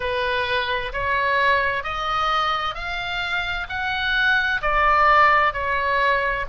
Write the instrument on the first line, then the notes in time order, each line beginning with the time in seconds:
oboe
0.00 B4
0.92 C#5
1.83 D#5
2.74 F5
3.69 F#5
4.61 D5
5.53 C#5